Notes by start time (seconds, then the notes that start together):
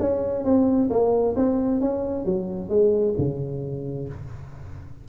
0.00 C#4
0.45 C4
0.90 A#3
1.37 C4
1.81 C#4
2.26 F#3
2.70 G#3
3.18 C#3